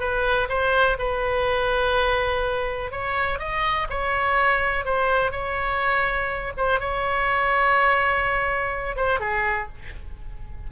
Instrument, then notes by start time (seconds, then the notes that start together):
oboe
0.00 B4
0.49 C5
0.99 B4
2.91 C#5
3.39 D#5
3.90 C#5
4.85 C5
5.32 C#5
6.57 C5
6.80 C#5
8.96 C5
9.20 G#4